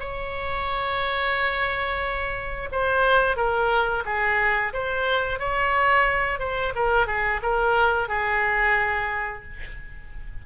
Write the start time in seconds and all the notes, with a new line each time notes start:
0.00 C#5
2.72 C5
3.37 A#4
4.06 G#4
4.73 C5
5.40 C#5
6.40 C5
6.76 A#4
7.07 G#4
7.43 A#4
8.09 G#4